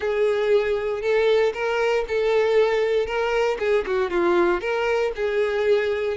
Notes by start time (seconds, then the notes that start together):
0.00 G#4
1.01 A4
1.53 A#4
2.08 A4
3.06 A#4
3.59 G#4
3.86 F#4
4.10 F4
4.60 A#4
5.15 G#4